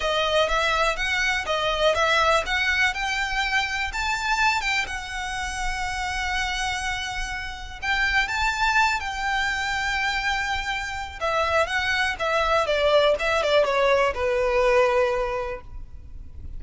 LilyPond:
\new Staff \with { instrumentName = "violin" } { \time 4/4 \tempo 4 = 123 dis''4 e''4 fis''4 dis''4 | e''4 fis''4 g''2 | a''4. g''8 fis''2~ | fis''1 |
g''4 a''4. g''4.~ | g''2. e''4 | fis''4 e''4 d''4 e''8 d''8 | cis''4 b'2. | }